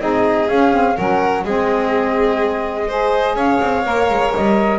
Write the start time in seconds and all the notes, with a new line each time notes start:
0.00 C4 D#4 G#4 D#5
0.48 C#4 F5
0.72 C4
0.96 F#3 C#4 A#4 F#5
1.44 G#3 C4 G#4 D#5
2.88 G#4 C5
3.35 C#4 C#5 F5
3.61 C4
3.85 A#3 A#4
4.10 G#3
4.34 G3 D#5